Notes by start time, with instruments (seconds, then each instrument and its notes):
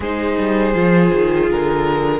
0.00 cello G#3, viola D#4, violin G#4 C5
0.37 cello G3
0.73 cello F3, viola F4
1.13 cello D#3
1.50 cello D3, violin A#4